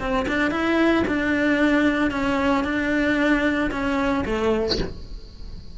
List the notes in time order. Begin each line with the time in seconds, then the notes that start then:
0.00 C4
0.28 D4
0.51 E4
1.08 D4
2.11 C#4
2.65 D4
3.72 C#4
4.26 A3